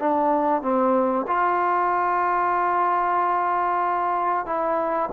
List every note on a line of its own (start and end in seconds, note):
0.00 0.62 D4
0.62 1.26 C4
1.28 4.46 F4
4.46 5.10 E4